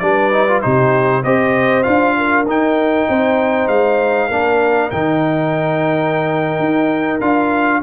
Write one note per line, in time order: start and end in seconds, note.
0.00 0.63 G3
0.00 0.33 D4
0.00 0.64 B4
0.00 0.61 D5
0.33 0.48 D#4
0.48 0.63 F4
0.62 1.24 C3
0.62 1.24 D#4
0.62 1.24 G4
0.62 1.24 C5
1.24 1.86 C4
1.24 1.85 G4
1.24 2.16 C5
1.24 1.83 D#5
1.83 2.47 D4
1.83 2.46 F4
1.83 2.45 F5
2.18 3.09 A#4
2.47 3.08 D#4
2.47 4.31 D#4
2.47 3.68 G5
3.09 3.68 C4
3.09 4.29 C5
3.68 4.29 G#3
3.68 4.91 F5
4.29 4.92 A#3
4.29 4.92 D4
4.29 7.81 A#4
4.91 6.59 D#3
4.91 7.21 D#4
4.91 7.21 G5
6.59 7.21 D#4
7.21 7.82 D4
7.21 7.83 F4
7.21 7.82 F5